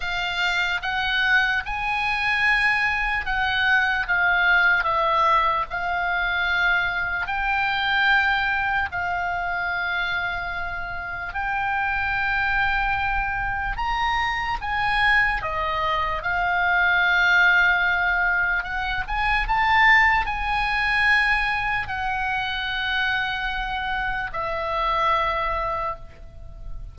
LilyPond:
\new Staff \with { instrumentName = "oboe" } { \time 4/4 \tempo 4 = 74 f''4 fis''4 gis''2 | fis''4 f''4 e''4 f''4~ | f''4 g''2 f''4~ | f''2 g''2~ |
g''4 ais''4 gis''4 dis''4 | f''2. fis''8 gis''8 | a''4 gis''2 fis''4~ | fis''2 e''2 | }